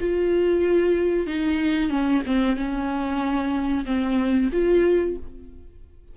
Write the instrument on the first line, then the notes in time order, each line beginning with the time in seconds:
viola
0.00 F4
1.26 D#4
1.89 C#4
2.26 C4
2.56 C#4
3.85 C4
4.52 F4